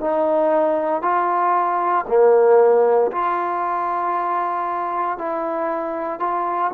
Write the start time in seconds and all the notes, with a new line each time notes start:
0.00 D#4
1.02 F4
2.07 A#3
3.11 F4
5.18 E4
6.19 F4